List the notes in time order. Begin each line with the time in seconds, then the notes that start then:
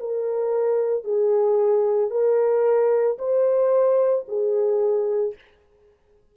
0.00 A#4
1.05 G#4
2.11 A#4
3.19 C5
4.28 G#4